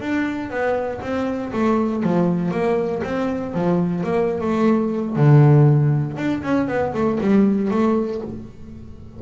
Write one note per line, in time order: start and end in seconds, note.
0.00 0.50 D4
0.50 1.00 B3
1.02 1.52 C4
1.52 2.03 A3
2.03 2.51 F3
2.51 3.02 A#3
3.04 3.54 C4
3.54 4.03 F3
4.03 4.40 A#3
4.40 5.16 A3
5.16 6.17 D3
6.17 6.42 D4
6.42 6.67 C#4
6.67 6.93 B3
6.93 7.18 A3
7.20 7.71 G3
7.71 8.21 A3